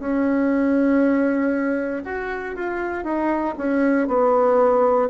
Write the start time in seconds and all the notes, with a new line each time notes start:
0.00 C#4
2.05 F#4
2.56 F4
3.04 D#4
3.58 C#4
4.08 B3